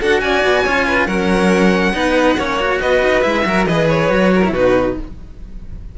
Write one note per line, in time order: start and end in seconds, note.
0.00 0.21 D4
0.00 0.65 F#4
0.00 0.22 A4
0.00 0.20 F#5
0.20 0.43 C#4
0.20 0.64 D5
0.20 1.06 G#5
0.44 0.66 B3
0.64 1.07 C#4
0.64 1.09 F4
0.64 0.86 C#5
0.87 1.07 B4
1.06 1.93 F#3
1.06 1.93 C#4
1.06 1.93 A#4
1.06 2.79 F#5
1.93 2.36 B3
1.93 2.36 D#4
1.93 2.38 B4
2.36 2.79 A#3
2.36 2.59 C#4
2.36 2.81 C#5
2.59 3.22 F#4
2.80 3.02 B3
2.80 3.46 B4
2.80 3.22 D#5
3.02 3.24 D#4
3.22 3.45 G#3
3.22 3.43 E4
3.22 3.65 E5
3.45 3.66 F#3
3.45 3.67 F#4
3.45 3.68 A#4
3.66 4.09 E3
3.66 4.10 G#4
3.66 4.33 B4
3.66 3.88 D#5
3.89 4.53 C#5
4.09 4.50 F#3
4.09 4.42 F#4
4.34 4.52 A#4
4.44 4.93 B2
4.44 4.55 E4
4.52 4.98 D#4
4.52 4.95 F#4
4.52 4.97 B4